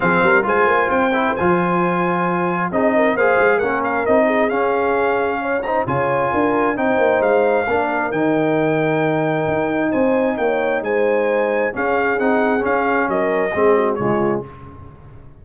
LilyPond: <<
  \new Staff \with { instrumentName = "trumpet" } { \time 4/4 \tempo 4 = 133 f''4 gis''4 g''4 gis''4~ | gis''2 dis''4 f''4 | fis''8 f''8 dis''4 f''2~ | f''8 ais''8 gis''2 g''4 |
f''2 g''2~ | g''2 gis''4 g''4 | gis''2 f''4 fis''4 | f''4 dis''2 cis''4 | }
  \new Staff \with { instrumentName = "horn" } { \time 4/4 gis'8 ais'8 c''2.~ | c''2 gis'8 ais'8 c''4 | ais'4. gis'2~ gis'8 | cis''8 c''8 cis''4 ais'4 c''4~ |
c''4 ais'2.~ | ais'2 c''4 cis''4 | c''2 gis'2~ | gis'4 ais'4 gis'8 fis'8 f'4 | }
  \new Staff \with { instrumentName = "trombone" } { \time 4/4 c'4 f'4. e'8 f'4~ | f'2 dis'4 gis'4 | cis'4 dis'4 cis'2~ | cis'8 dis'8 f'2 dis'4~ |
dis'4 d'4 dis'2~ | dis'1~ | dis'2 cis'4 dis'4 | cis'2 c'4 gis4 | }
  \new Staff \with { instrumentName = "tuba" } { \time 4/4 f8 g8 gis8 ais8 c'4 f4~ | f2 c'4 ais8 gis8 | ais4 c'4 cis'2~ | cis'4 cis4 d'4 c'8 ais8 |
gis4 ais4 dis2~ | dis4 dis'4 c'4 ais4 | gis2 cis'4 c'4 | cis'4 fis4 gis4 cis4 | }
>>